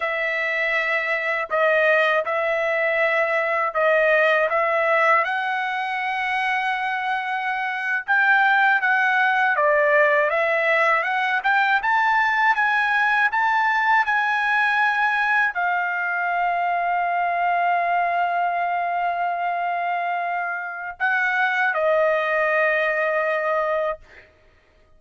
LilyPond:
\new Staff \with { instrumentName = "trumpet" } { \time 4/4 \tempo 4 = 80 e''2 dis''4 e''4~ | e''4 dis''4 e''4 fis''4~ | fis''2~ fis''8. g''4 fis''16~ | fis''8. d''4 e''4 fis''8 g''8 a''16~ |
a''8. gis''4 a''4 gis''4~ gis''16~ | gis''8. f''2.~ f''16~ | f''1 | fis''4 dis''2. | }